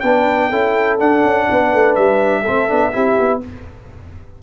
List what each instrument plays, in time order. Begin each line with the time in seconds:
0.00 tuba B3, trombone D4, horn B4, trumpet G5
0.49 tuba C#4, trombone E4, horn A4
0.99 trombone D4, tuba D4, trumpet F#5
1.24 tuba C#4
1.49 tuba B3, horn B4
1.73 tuba A3
1.95 tuba G3, trumpet E5
2.42 tuba A3, trombone C4, horn A4
2.68 tuba B3, trombone D4
2.92 tuba C4, trombone E4, horn G4
3.18 tuba B3